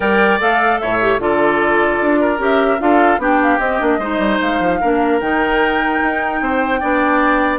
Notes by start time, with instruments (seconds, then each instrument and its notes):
0.00 bassoon G3, clarinet A#4, oboe D5, flute G5
0.39 bassoon A3, clarinet A4, flute F5
0.79 bassoon A2, oboe C#5, flute E5
1.01 clarinet G4
1.19 bassoon D3, clarinet F4, oboe A4, flute D5
2.01 bassoon D4
2.20 oboe A#4
2.38 bassoon C#4, clarinet G4, flute E5
2.79 bassoon D4, clarinet F4, oboe A4, flute F5
3.18 bassoon B3, clarinet D4, oboe G4, flute G5
3.42 flute F5
3.58 bassoon C4, clarinet C4, flute D#5
3.79 bassoon A#3, clarinet D4
3.98 bassoon G#3, clarinet D#4, oboe C5
4.18 bassoon G3
4.41 bassoon G#3, flute F5
4.59 bassoon F3
4.80 bassoon A#3, clarinet D4, oboe A#4
5.20 bassoon D#3, clarinet D#4, flute G5
6.02 bassoon D#4
6.41 bassoon C4, oboe C5
6.80 bassoon B3, clarinet D4, oboe D5